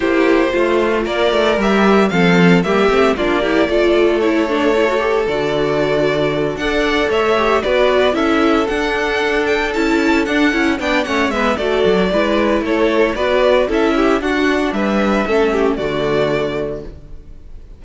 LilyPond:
<<
  \new Staff \with { instrumentName = "violin" } { \time 4/4 \tempo 4 = 114 c''2 d''4 e''4 | f''4 e''4 d''2 | cis''2 d''2~ | d''8 fis''4 e''4 d''4 e''8~ |
e''8 fis''4. g''8 a''4 fis''8~ | fis''8 g''8 fis''8 e''8 d''2 | cis''4 d''4 e''4 fis''4 | e''2 d''2 | }
  \new Staff \with { instrumentName = "violin" } { \time 4/4 g'4 f'4 ais'2 | a'4 g'4 f'8 g'8 a'4~ | a'1~ | a'8 d''4 cis''4 b'4 a'8~ |
a'1~ | a'8 d''8 cis''8 b'8 a'4 b'4 | a'4 b'4 a'8 g'8 fis'4 | b'4 a'8 g'8 fis'2 | }
  \new Staff \with { instrumentName = "viola" } { \time 4/4 e'4 f'2 g'4 | c'4 ais8 c'8 d'8 e'8 f'4 | e'8 d'8 e'16 fis'16 g'8 fis'2~ | fis'8 a'4. g'8 fis'4 e'8~ |
e'8 d'2 e'4 d'8 | e'8 d'8 cis'8 b8 fis'4 e'4~ | e'4 fis'4 e'4 d'4~ | d'4 cis'4 a2 | }
  \new Staff \with { instrumentName = "cello" } { \time 4/4 ais4 a4 ais8 a8 g4 | f4 g8 a8 ais4 a4~ | a2 d2~ | d8 d'4 a4 b4 cis'8~ |
cis'8 d'2 cis'4 d'8 | cis'8 b8 a8 gis8 a8 fis8 gis4 | a4 b4 cis'4 d'4 | g4 a4 d2 | }
>>